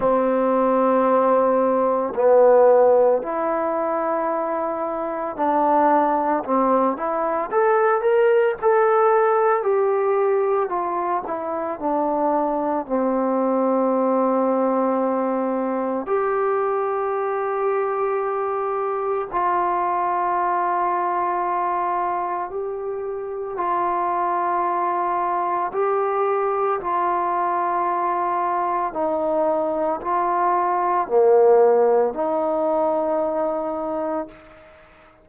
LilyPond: \new Staff \with { instrumentName = "trombone" } { \time 4/4 \tempo 4 = 56 c'2 b4 e'4~ | e'4 d'4 c'8 e'8 a'8 ais'8 | a'4 g'4 f'8 e'8 d'4 | c'2. g'4~ |
g'2 f'2~ | f'4 g'4 f'2 | g'4 f'2 dis'4 | f'4 ais4 dis'2 | }